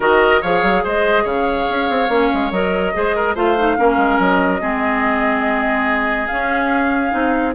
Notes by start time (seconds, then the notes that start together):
0.00 D#3 F#4 A#4 D#5
0.41 F3 G#4 C#5 F5
0.62 F#3
0.83 G#3 C5 D#5
1.23 C#3 C#5 F5
1.69 C#4
1.89 C4
2.08 A#3 C#4
2.33 G#3
2.51 F#3 A#4 D#5
2.94 G#3 G#4 C5
3.15 A#4
3.34 A3 F4 C5 F5
3.57 D#4
3.77 A#3 C#4 A#4
3.96 G#3
4.19 F#3 D#5
4.60 G#3 C4 G#4
6.27 C#4 F5
7.10 C4 D#4